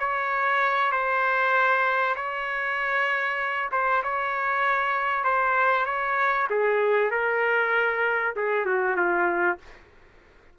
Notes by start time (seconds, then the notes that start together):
0.00 C#5
0.92 C5
2.16 C#5
3.72 C5
4.03 C#5
5.24 C5
5.86 C#5
6.50 G#4
7.11 A#4
8.36 G#4
8.66 F#4
8.96 F4